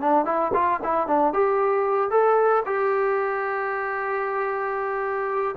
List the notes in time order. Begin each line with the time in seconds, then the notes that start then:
0.00 D4
0.25 E4
0.53 F4
0.83 E4
1.07 D4
1.33 G4
2.10 A4
2.66 G4